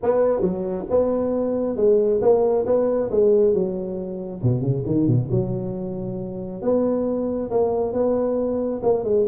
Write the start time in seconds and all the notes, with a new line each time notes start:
0.02 B3
0.41 F#3
0.90 B3
1.76 G#3
2.21 A#3
2.66 B3
3.10 G#3
3.53 F#3
4.42 B2
4.61 C#3
4.86 D#3
5.07 B2
5.31 F#3
6.62 B3
7.50 A#3
7.93 B3
8.82 A#3
9.04 G#3